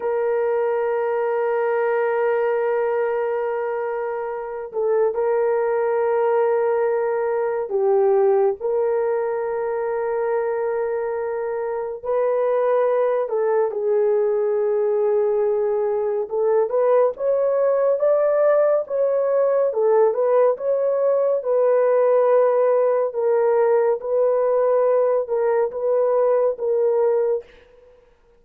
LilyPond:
\new Staff \with { instrumentName = "horn" } { \time 4/4 \tempo 4 = 70 ais'1~ | ais'4. a'8 ais'2~ | ais'4 g'4 ais'2~ | ais'2 b'4. a'8 |
gis'2. a'8 b'8 | cis''4 d''4 cis''4 a'8 b'8 | cis''4 b'2 ais'4 | b'4. ais'8 b'4 ais'4 | }